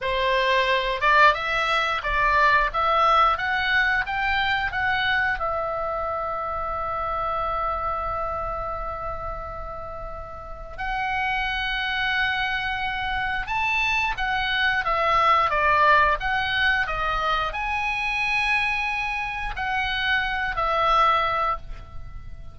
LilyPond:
\new Staff \with { instrumentName = "oboe" } { \time 4/4 \tempo 4 = 89 c''4. d''8 e''4 d''4 | e''4 fis''4 g''4 fis''4 | e''1~ | e''1 |
fis''1 | a''4 fis''4 e''4 d''4 | fis''4 dis''4 gis''2~ | gis''4 fis''4. e''4. | }